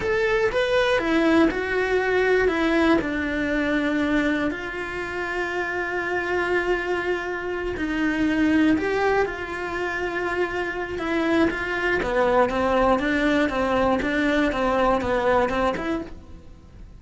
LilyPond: \new Staff \with { instrumentName = "cello" } { \time 4/4 \tempo 4 = 120 a'4 b'4 e'4 fis'4~ | fis'4 e'4 d'2~ | d'4 f'2.~ | f'2.~ f'8 dis'8~ |
dis'4. g'4 f'4.~ | f'2 e'4 f'4 | b4 c'4 d'4 c'4 | d'4 c'4 b4 c'8 e'8 | }